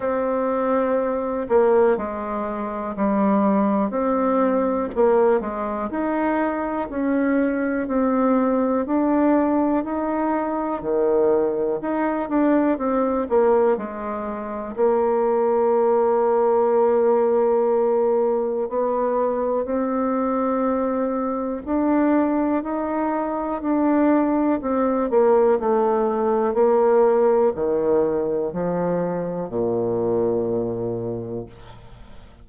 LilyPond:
\new Staff \with { instrumentName = "bassoon" } { \time 4/4 \tempo 4 = 61 c'4. ais8 gis4 g4 | c'4 ais8 gis8 dis'4 cis'4 | c'4 d'4 dis'4 dis4 | dis'8 d'8 c'8 ais8 gis4 ais4~ |
ais2. b4 | c'2 d'4 dis'4 | d'4 c'8 ais8 a4 ais4 | dis4 f4 ais,2 | }